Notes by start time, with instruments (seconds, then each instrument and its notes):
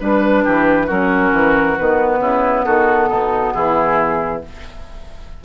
0.00 bassoon G3, clarinet D4, oboe B4, flute B4
0.44 bassoon E3, oboe G4
0.86 bassoon F#3, clarinet C#4, oboe F#4, flute A#4
1.32 bassoon E3
1.78 bassoon D#3, clarinet B3, flute B4
2.19 bassoon C#3, oboe E4
2.65 bassoon D#3, oboe F#4, flute A4
3.09 bassoon B2, oboe D#4
3.53 bassoon E3, oboe E4, flute G#4